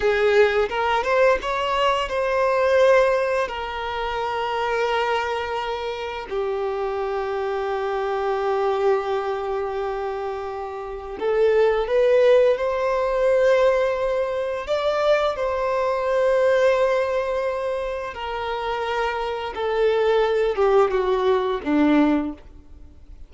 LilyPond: \new Staff \with { instrumentName = "violin" } { \time 4/4 \tempo 4 = 86 gis'4 ais'8 c''8 cis''4 c''4~ | c''4 ais'2.~ | ais'4 g'2.~ | g'1 |
a'4 b'4 c''2~ | c''4 d''4 c''2~ | c''2 ais'2 | a'4. g'8 fis'4 d'4 | }